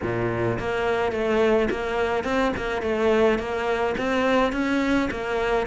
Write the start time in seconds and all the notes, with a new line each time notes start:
0.02 A#2
0.59 A#3
1.12 A3
1.70 A#3
2.24 C4
2.57 A#3
2.81 A3
3.38 A#3
3.97 C4
4.52 C#4
5.10 A#3